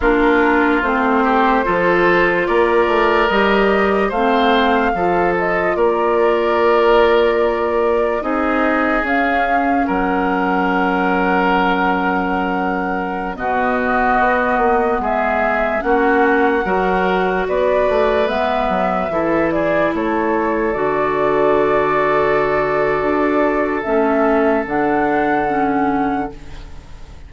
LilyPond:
<<
  \new Staff \with { instrumentName = "flute" } { \time 4/4 \tempo 4 = 73 ais'4 c''2 d''4 | dis''4 f''4. dis''8 d''4~ | d''2 dis''4 f''4 | fis''1~ |
fis''16 dis''2 e''4 fis''8.~ | fis''4~ fis''16 d''4 e''4. d''16~ | d''16 cis''4 d''2~ d''8.~ | d''4 e''4 fis''2 | }
  \new Staff \with { instrumentName = "oboe" } { \time 4/4 f'4. g'8 a'4 ais'4~ | ais'4 c''4 a'4 ais'4~ | ais'2 gis'2 | ais'1~ |
ais'16 fis'2 gis'4 fis'8.~ | fis'16 ais'4 b'2 a'8 gis'16~ | gis'16 a'2.~ a'8.~ | a'1 | }
  \new Staff \with { instrumentName = "clarinet" } { \time 4/4 d'4 c'4 f'2 | g'4 c'4 f'2~ | f'2 dis'4 cis'4~ | cis'1~ |
cis'16 b2. cis'8.~ | cis'16 fis'2 b4 e'8.~ | e'4~ e'16 fis'2~ fis'8.~ | fis'4 cis'4 d'4 cis'4 | }
  \new Staff \with { instrumentName = "bassoon" } { \time 4/4 ais4 a4 f4 ais8 a8 | g4 a4 f4 ais4~ | ais2 c'4 cis'4 | fis1~ |
fis16 b,4 b8 ais8 gis4 ais8.~ | ais16 fis4 b8 a8 gis8 fis8 e8.~ | e16 a4 d2~ d8. | d'4 a4 d2 | }
>>